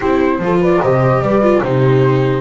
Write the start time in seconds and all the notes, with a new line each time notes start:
0.00 C4 E4 G4 C5
0.38 F3 F4 A4
0.60 B4 D5
0.82 C3 G4 C5 D#5
1.21 G3 B4 D5
1.42 F4
1.63 C3 D#4 G4 C5